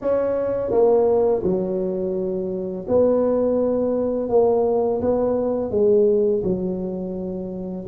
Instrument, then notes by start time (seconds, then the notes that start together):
tuba
0.01 C#4
0.70 A#3
1.43 F#3
2.88 B3
4.29 A#3
5.01 B3
5.70 G#3
6.43 F#3